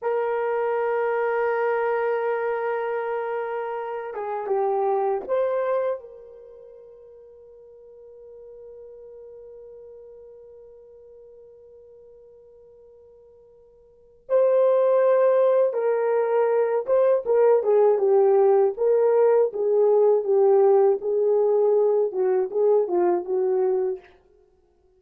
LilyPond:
\new Staff \with { instrumentName = "horn" } { \time 4/4 \tempo 4 = 80 ais'1~ | ais'4. gis'8 g'4 c''4 | ais'1~ | ais'1~ |
ais'2. c''4~ | c''4 ais'4. c''8 ais'8 gis'8 | g'4 ais'4 gis'4 g'4 | gis'4. fis'8 gis'8 f'8 fis'4 | }